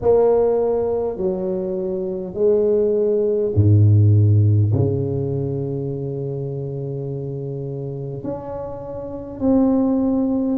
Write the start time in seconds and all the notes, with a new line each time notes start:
0.01 A#3
1.17 F#3
2.34 G#3
3.55 G#2
4.72 C#3
8.24 C#4
9.40 C4